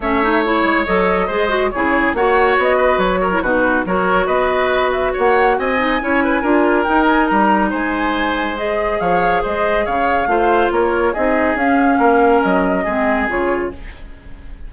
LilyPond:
<<
  \new Staff \with { instrumentName = "flute" } { \time 4/4 \tempo 4 = 140 e''4 cis''4 dis''2 | cis''4 fis''4 dis''4 cis''4 | b'4 cis''4 dis''4. e''8 | fis''4 gis''2. |
g''8 gis''8 ais''4 gis''2 | dis''4 f''4 dis''4 f''4~ | f''4 cis''4 dis''4 f''4~ | f''4 dis''2 cis''4 | }
  \new Staff \with { instrumentName = "oboe" } { \time 4/4 cis''2. c''4 | gis'4 cis''4. b'4 ais'8 | fis'4 ais'4 b'2 | cis''4 dis''4 cis''8 b'8 ais'4~ |
ais'2 c''2~ | c''4 cis''4 c''4 cis''4 | c''4 ais'4 gis'2 | ais'2 gis'2 | }
  \new Staff \with { instrumentName = "clarinet" } { \time 4/4 cis'8 dis'8 e'4 a'4 gis'8 fis'8 | e'4 fis'2~ fis'8. e'16 | dis'4 fis'2.~ | fis'4. dis'8 e'4 f'4 |
dis'1 | gis'1 | f'2 dis'4 cis'4~ | cis'2 c'4 f'4 | }
  \new Staff \with { instrumentName = "bassoon" } { \time 4/4 a4. gis8 fis4 gis4 | cis4 ais4 b4 fis4 | b,4 fis4 b2 | ais4 c'4 cis'4 d'4 |
dis'4 g4 gis2~ | gis4 f4 gis4 cis4 | a4 ais4 c'4 cis'4 | ais4 fis4 gis4 cis4 | }
>>